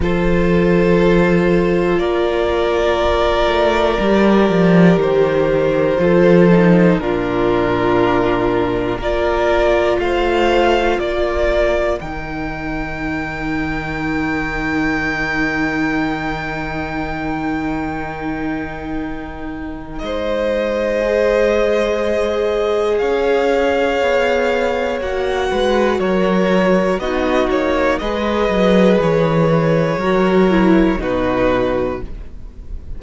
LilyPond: <<
  \new Staff \with { instrumentName = "violin" } { \time 4/4 \tempo 4 = 60 c''2 d''2~ | d''4 c''2 ais'4~ | ais'4 d''4 f''4 d''4 | g''1~ |
g''1 | dis''2. f''4~ | f''4 fis''4 cis''4 dis''8 cis''8 | dis''4 cis''2 b'4 | }
  \new Staff \with { instrumentName = "violin" } { \time 4/4 a'2 ais'2~ | ais'2 a'4 f'4~ | f'4 ais'4 c''4 ais'4~ | ais'1~ |
ais'1 | c''2. cis''4~ | cis''4. b'8 ais'4 fis'4 | b'2 ais'4 fis'4 | }
  \new Staff \with { instrumentName = "viola" } { \time 4/4 f'1 | g'2 f'8 dis'8 d'4~ | d'4 f'2. | dis'1~ |
dis'1~ | dis'4 gis'2.~ | gis'4 fis'2 dis'4 | gis'2 fis'8 e'8 dis'4 | }
  \new Staff \with { instrumentName = "cello" } { \time 4/4 f2 ais4. a8 | g8 f8 dis4 f4 ais,4~ | ais,4 ais4 a4 ais4 | dis1~ |
dis1 | gis2. cis'4 | b4 ais8 gis8 fis4 b8 ais8 | gis8 fis8 e4 fis4 b,4 | }
>>